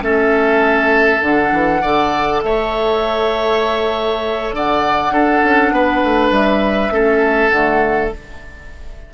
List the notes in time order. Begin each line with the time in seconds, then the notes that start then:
0.00 A3 C#4 A4 E5
1.21 D3 D4 F#5
1.52 E3
1.81 D3 A4 D5
2.42 A3 C#5 E5
4.52 D3 D5 F#5
5.10 D4 A4
5.43 C#4
5.71 B3 B4
6.03 A3
6.30 G3 E5
6.90 A3 C#4 A4
7.49 D3 A3 F#5